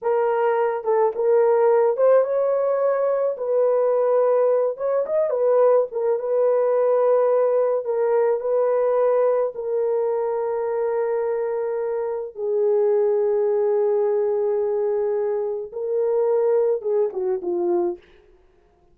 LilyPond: \new Staff \with { instrumentName = "horn" } { \time 4/4 \tempo 4 = 107 ais'4. a'8 ais'4. c''8 | cis''2 b'2~ | b'8 cis''8 dis''8 b'4 ais'8 b'4~ | b'2 ais'4 b'4~ |
b'4 ais'2.~ | ais'2 gis'2~ | gis'1 | ais'2 gis'8 fis'8 f'4 | }